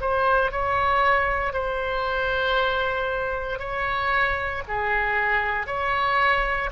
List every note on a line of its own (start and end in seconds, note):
0.00 0.51 C5
0.51 1.53 C#5
1.53 3.59 C5
3.59 4.62 C#5
4.67 5.66 G#4
5.66 6.70 C#5